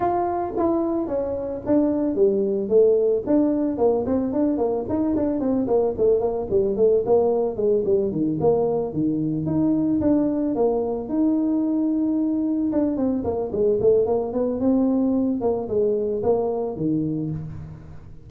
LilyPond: \new Staff \with { instrumentName = "tuba" } { \time 4/4 \tempo 4 = 111 f'4 e'4 cis'4 d'4 | g4 a4 d'4 ais8 c'8 | d'8 ais8 dis'8 d'8 c'8 ais8 a8 ais8 | g8 a8 ais4 gis8 g8 dis8 ais8~ |
ais8 dis4 dis'4 d'4 ais8~ | ais8 dis'2. d'8 | c'8 ais8 gis8 a8 ais8 b8 c'4~ | c'8 ais8 gis4 ais4 dis4 | }